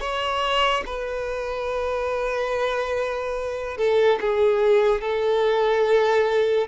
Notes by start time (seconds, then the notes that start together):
0.00 C#5
0.86 B4
3.77 A4
4.20 G#4
5.01 A4